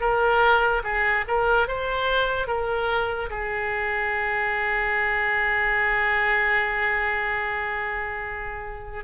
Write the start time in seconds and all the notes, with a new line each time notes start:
0.00 A#4
0.84 G#4
1.27 A#4
1.68 C5
2.47 A#4
3.30 G#4